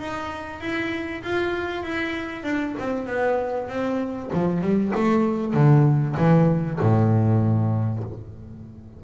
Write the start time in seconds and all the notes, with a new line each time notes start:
0.00 D#4
0.61 E4
1.23 F4
1.84 E4
2.44 D4
2.79 C4
3.07 B3
3.69 C4
4.33 F3
4.62 G3
4.95 A3
5.54 D3
6.18 E3
6.80 A2